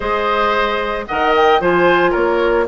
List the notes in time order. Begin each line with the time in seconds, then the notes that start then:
0.00 G#3 G#4 C5 D#5
1.06 D#3 A#4 D#5 F#5
1.35 G5
1.60 F3 F4 C5 G#5
2.10 A#3 A#4 C#5